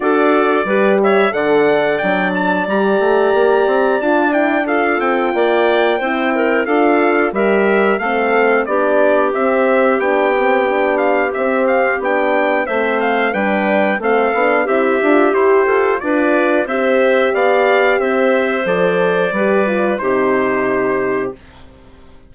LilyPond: <<
  \new Staff \with { instrumentName = "trumpet" } { \time 4/4 \tempo 4 = 90 d''4. e''8 fis''4 g''8 a''8 | ais''2 a''8 g''8 f''8 g''8~ | g''2 f''4 e''4 | f''4 d''4 e''4 g''4~ |
g''8 f''8 e''8 f''8 g''4 e''8 f''8 | g''4 f''4 e''4 c''4 | d''4 e''4 f''4 e''4 | d''2 c''2 | }
  \new Staff \with { instrumentName = "clarinet" } { \time 4/4 a'4 b'8 cis''8 d''2~ | d''2. a'4 | d''4 c''8 ais'8 a'4 ais'4 | a'4 g'2.~ |
g'2. c''4 | b'4 a'4 g'4. a'8 | b'4 c''4 d''4 c''4~ | c''4 b'4 g'2 | }
  \new Staff \with { instrumentName = "horn" } { \time 4/4 fis'4 g'4 a'4 d'4 | g'2 f'8 e'8 f'4~ | f'4 e'4 f'4 g'4 | c'4 d'4 c'4 d'8 c'8 |
d'4 c'4 d'4 c'4 | d'4 c'8 d'8 e'8 f'8 g'4 | f'4 g'2. | a'4 g'8 f'8 dis'2 | }
  \new Staff \with { instrumentName = "bassoon" } { \time 4/4 d'4 g4 d4 fis4 | g8 a8 ais8 c'8 d'4. c'8 | ais4 c'4 d'4 g4 | a4 b4 c'4 b4~ |
b4 c'4 b4 a4 | g4 a8 b8 c'8 d'8 e'8 f'8 | d'4 c'4 b4 c'4 | f4 g4 c2 | }
>>